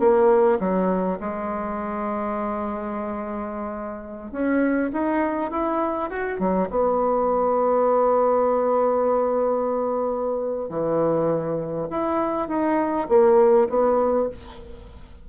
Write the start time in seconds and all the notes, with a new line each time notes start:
0.00 A#3
0.60 F#3
1.20 G#3
4.32 C#4
4.94 D#4
5.51 E4
6.11 F#4
6.40 F#3
6.70 B3
10.70 E3
11.91 E4
12.49 D#4
13.09 A#3
13.70 B3